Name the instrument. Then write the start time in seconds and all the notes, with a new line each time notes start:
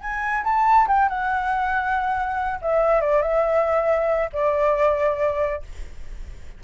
flute
0.00 G#5
0.44 A5
0.88 G5
1.09 F#5
2.61 E5
3.00 D5
3.22 E5
4.32 D5